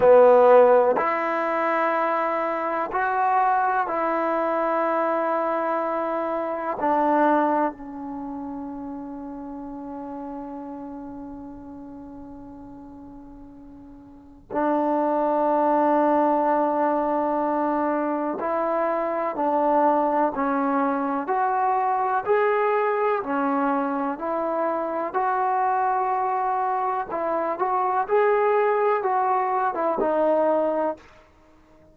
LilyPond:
\new Staff \with { instrumentName = "trombone" } { \time 4/4 \tempo 4 = 62 b4 e'2 fis'4 | e'2. d'4 | cis'1~ | cis'2. d'4~ |
d'2. e'4 | d'4 cis'4 fis'4 gis'4 | cis'4 e'4 fis'2 | e'8 fis'8 gis'4 fis'8. e'16 dis'4 | }